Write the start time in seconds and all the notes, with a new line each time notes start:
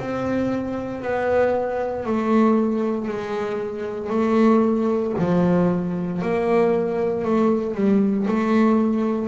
0.00 C4
1.03 B3
2.06 A3
3.08 G#3
4.10 A3
5.19 F3
6.23 A#3
7.25 A3
7.75 G3
8.28 A3